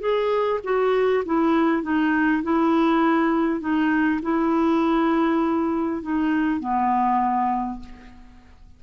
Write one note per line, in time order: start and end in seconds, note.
0.00 0.60 G#4
0.64 1.24 F#4
1.26 1.83 E4
1.83 2.43 D#4
2.43 3.60 E4
3.60 4.20 D#4
4.22 6.02 E4
6.02 6.60 D#4
6.60 7.80 B3